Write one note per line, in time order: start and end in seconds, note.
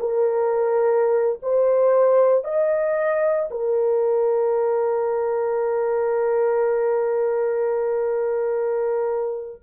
0.00 1.40 A#4
1.42 2.45 C5
2.45 3.49 D#5
3.51 9.62 A#4